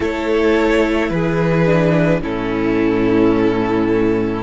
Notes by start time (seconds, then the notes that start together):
0.00 A3 E4 A4 C#5
1.09 E3 G#4 B4
1.66 D4
2.21 A2 C#4 E4 A4